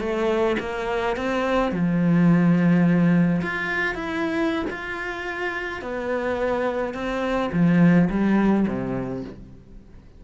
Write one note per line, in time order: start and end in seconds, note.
0.00 0.57 A3
0.60 1.17 A#3
1.17 1.72 C4
1.72 3.42 F3
3.42 3.95 F4
3.95 4.66 E4
4.70 5.82 F4
5.82 6.94 B3
6.94 7.51 C4
7.53 8.09 F3
8.10 8.67 G3
8.68 9.24 C3